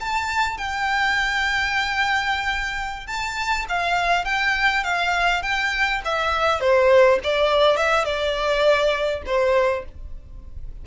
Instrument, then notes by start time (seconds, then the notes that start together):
violin
0.00 A5
0.57 G5
3.07 A5
3.69 F5
4.25 G5
4.83 F5
5.42 G5
6.05 E5
6.60 C5
7.23 D5
7.76 E5
8.05 D5
9.26 C5